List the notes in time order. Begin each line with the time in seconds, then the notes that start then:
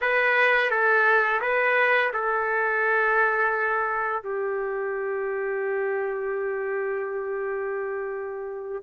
0.01 B4
0.70 A4
1.41 B4
2.13 A4
4.23 G4